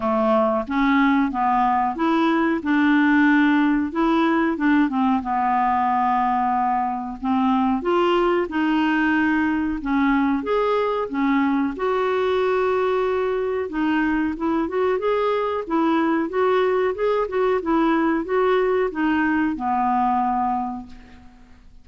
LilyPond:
\new Staff \with { instrumentName = "clarinet" } { \time 4/4 \tempo 4 = 92 a4 cis'4 b4 e'4 | d'2 e'4 d'8 c'8 | b2. c'4 | f'4 dis'2 cis'4 |
gis'4 cis'4 fis'2~ | fis'4 dis'4 e'8 fis'8 gis'4 | e'4 fis'4 gis'8 fis'8 e'4 | fis'4 dis'4 b2 | }